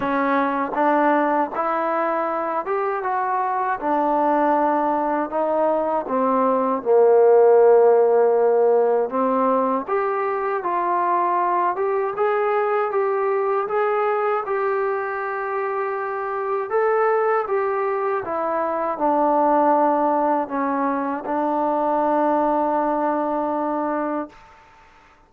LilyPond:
\new Staff \with { instrumentName = "trombone" } { \time 4/4 \tempo 4 = 79 cis'4 d'4 e'4. g'8 | fis'4 d'2 dis'4 | c'4 ais2. | c'4 g'4 f'4. g'8 |
gis'4 g'4 gis'4 g'4~ | g'2 a'4 g'4 | e'4 d'2 cis'4 | d'1 | }